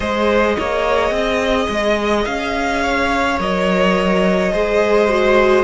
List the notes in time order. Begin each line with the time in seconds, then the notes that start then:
0.00 G#3 G#4 C5 D#5
0.58 A#3 C#5
1.10 C4 D#5
1.69 G#3
2.25 C#4 F5
2.83 C#5
3.38 F#3 A#4 D#5
4.52 G#3 G#4 C5
5.08 F#4